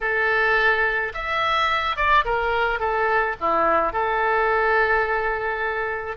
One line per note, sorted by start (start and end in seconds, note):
0.00 1.12 A4
1.14 1.96 E5
1.96 2.24 D5
2.24 2.79 A#4
2.79 3.35 A4
3.40 3.92 E4
3.92 6.17 A4